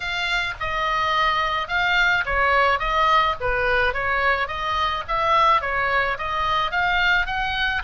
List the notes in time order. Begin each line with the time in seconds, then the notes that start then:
0.00 F5
0.60 D#5
1.68 F5
2.25 C#5
2.79 D#5
3.40 B4
3.93 C#5
4.47 D#5
5.07 E5
5.61 C#5
6.17 D#5
6.71 F5
7.26 F#5